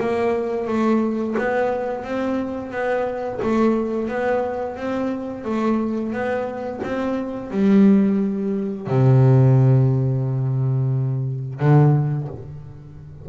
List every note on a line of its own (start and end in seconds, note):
0.00 0.67 A#3
0.67 1.35 A3
1.38 2.04 B3
2.04 2.71 C4
2.71 3.40 B3
3.42 4.08 A3
4.08 4.76 B3
4.76 5.45 C4
5.45 6.13 A3
6.13 6.81 B3
6.83 7.51 C4
7.51 8.87 G3
8.87 11.60 C3
11.60 12.28 D3